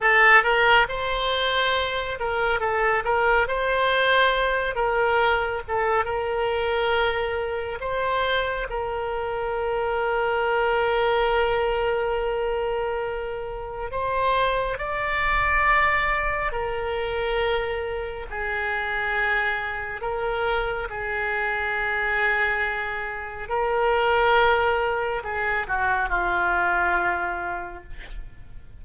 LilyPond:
\new Staff \with { instrumentName = "oboe" } { \time 4/4 \tempo 4 = 69 a'8 ais'8 c''4. ais'8 a'8 ais'8 | c''4. ais'4 a'8 ais'4~ | ais'4 c''4 ais'2~ | ais'1 |
c''4 d''2 ais'4~ | ais'4 gis'2 ais'4 | gis'2. ais'4~ | ais'4 gis'8 fis'8 f'2 | }